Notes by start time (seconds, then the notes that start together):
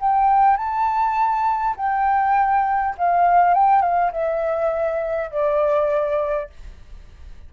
0.00 G5
0.57 A5
1.77 G5
2.98 F5
3.55 G5
3.82 F5
4.12 E5
5.31 D5